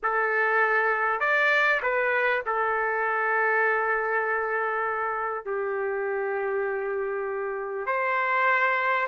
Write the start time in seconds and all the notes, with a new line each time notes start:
0.02 A4
1.20 D5
1.82 B4
2.45 A4
5.45 G4
7.86 C5